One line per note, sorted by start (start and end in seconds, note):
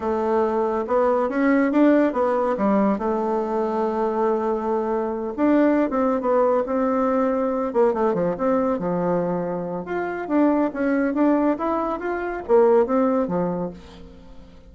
0.00 0.85 A3
0.87 1.29 B3
1.29 1.71 C#4
1.72 2.13 D4
2.13 2.55 B3
2.57 2.98 G3
2.98 5.34 A3
5.36 5.89 D4
5.89 6.20 C4
6.20 6.63 B3
6.66 7.73 C4
7.73 7.93 A#3
7.93 8.14 A3
8.14 8.35 F3
8.37 8.78 C4
8.78 9.85 F3
9.85 10.28 F4
10.28 10.70 D4
10.73 11.14 C#4
11.14 11.57 D4
11.58 11.99 E4
11.99 12.42 F4
12.47 12.86 A#3
12.86 13.27 C4
13.27 13.70 F3